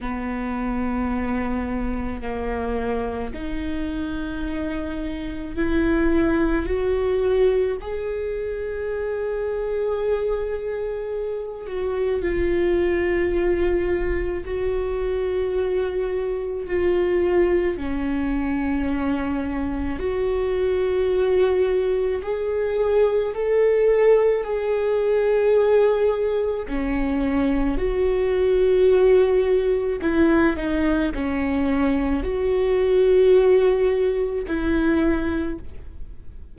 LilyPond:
\new Staff \with { instrumentName = "viola" } { \time 4/4 \tempo 4 = 54 b2 ais4 dis'4~ | dis'4 e'4 fis'4 gis'4~ | gis'2~ gis'8 fis'8 f'4~ | f'4 fis'2 f'4 |
cis'2 fis'2 | gis'4 a'4 gis'2 | cis'4 fis'2 e'8 dis'8 | cis'4 fis'2 e'4 | }